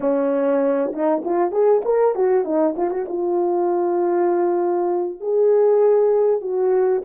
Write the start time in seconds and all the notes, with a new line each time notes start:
0.00 C#4
0.92 D#4
1.24 F4
1.51 G#4
1.84 A#4
2.15 F#4
2.44 D#4
2.77 F4
2.90 F#4
3.08 F4
5.20 G#4
6.41 F#4